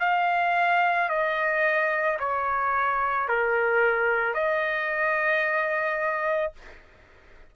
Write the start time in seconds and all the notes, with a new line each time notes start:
0.00 F5
1.09 D#5
2.20 C#5
3.28 A#4
4.34 D#5